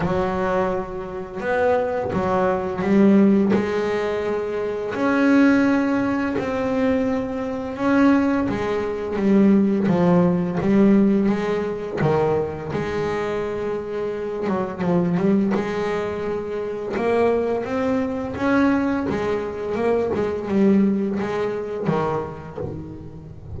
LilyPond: \new Staff \with { instrumentName = "double bass" } { \time 4/4 \tempo 4 = 85 fis2 b4 fis4 | g4 gis2 cis'4~ | cis'4 c'2 cis'4 | gis4 g4 f4 g4 |
gis4 dis4 gis2~ | gis8 fis8 f8 g8 gis2 | ais4 c'4 cis'4 gis4 | ais8 gis8 g4 gis4 dis4 | }